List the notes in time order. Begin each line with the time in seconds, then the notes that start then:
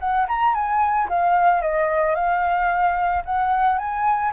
0.00 F#5
0.28 A#5
0.54 G#5
1.09 F5
1.62 D#5
2.15 F5
3.25 F#5
3.78 G#5